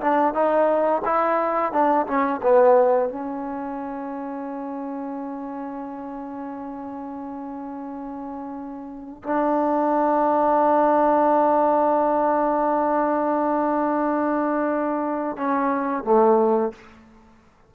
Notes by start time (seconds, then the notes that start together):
0.00 D4
0.34 D#4
1.05 E4
1.72 D4
2.06 C#4
2.42 B3
3.09 C#4
9.24 D4
15.37 C#4
16.04 A3